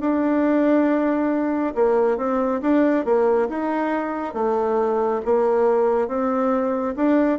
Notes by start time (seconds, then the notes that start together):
0.00 D4
1.75 A#3
2.17 C4
2.61 D4
3.05 A#3
3.49 D#4
4.34 A3
5.25 A#3
6.08 C4
6.96 D4